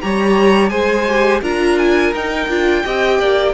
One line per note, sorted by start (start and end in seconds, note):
0.00 0.70 G3
0.00 0.69 G4
0.00 0.70 C#5
0.00 0.69 A#5
0.69 1.41 G#3
0.69 1.04 G#4
0.69 1.41 C5
0.69 1.39 G#5
1.07 1.42 G4
1.41 2.12 D4
1.41 2.13 F4
1.41 2.82 A#4
1.41 1.78 A#5
1.78 2.13 G#5
2.12 2.47 D#4
2.12 2.49 D#4
2.12 3.54 G5
2.48 2.83 D4
2.48 2.84 F4
2.84 3.19 C4
2.84 3.54 G4
2.84 3.19 D#5
3.19 3.54 A#3
3.19 3.54 D5